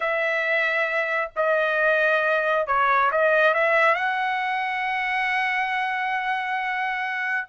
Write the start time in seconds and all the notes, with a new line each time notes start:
0.00 E5
1.36 D#5
2.67 C#5
3.11 D#5
3.54 E5
3.94 F#5